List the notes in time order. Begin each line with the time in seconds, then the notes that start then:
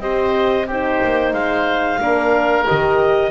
0.00 C4 G4 C5 D#5
0.67 D#4 G4 C5
1.05 A#3
1.34 G#3 C5 F5
2.01 A#3 D4 A#4
2.67 D#3 G4 D#5